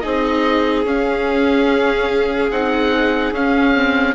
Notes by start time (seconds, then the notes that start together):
0.00 C4 D#4 G#4 D#5
0.85 C#4 F5
2.51 C4 D#4 F#5
3.32 C#4 F5
3.76 C4